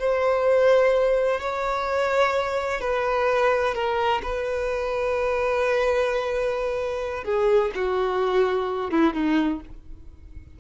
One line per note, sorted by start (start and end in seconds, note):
0.00 1.41 C5
1.41 2.81 C#5
2.81 3.75 B4
3.75 4.22 A#4
4.23 7.24 B4
7.24 7.71 G#4
7.76 8.92 F#4
8.92 9.14 E4
9.14 9.61 D#4